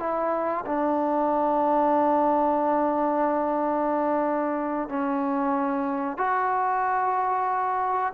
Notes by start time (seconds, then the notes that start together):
0.00 E4
0.66 D4
4.90 C#4
6.18 F#4